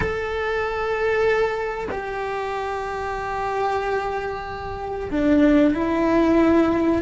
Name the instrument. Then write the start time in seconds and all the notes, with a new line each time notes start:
cello
0.00 A4
1.91 G4
5.11 D4
5.74 E4